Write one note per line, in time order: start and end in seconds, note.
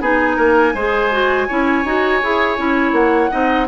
0.00 0.37 B3
0.00 0.74 D#4
0.00 0.36 G#4
0.00 2.93 G#5
0.36 0.74 A#3
0.36 0.72 A#4
0.74 1.47 G#3
0.74 1.11 G#4
0.74 1.47 C5
1.11 1.48 F#4
1.48 1.84 C#4
1.48 1.84 E4
1.48 3.30 C#5
1.84 2.21 D#4
1.84 2.21 F#4
2.22 2.58 E4
2.22 2.57 G#4
2.57 2.92 C#4
2.57 3.30 E4
2.92 3.28 A#3
2.92 3.67 F#5
3.30 3.68 C4
3.30 3.67 D#4
3.30 3.67 D#5